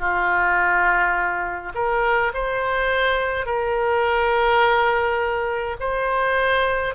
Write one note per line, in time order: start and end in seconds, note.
0.00 1.73 F4
1.75 2.33 A#4
2.34 3.46 C5
3.46 5.77 A#4
5.80 6.95 C5